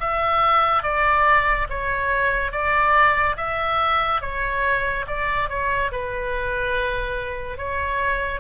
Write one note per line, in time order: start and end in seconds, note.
0.00 0.83 E5
0.83 1.67 D5
1.69 2.52 C#5
2.52 3.36 D5
3.36 4.21 E5
4.21 5.06 C#5
5.07 5.49 D5
5.49 5.91 C#5
5.92 7.57 B4
7.57 8.40 C#5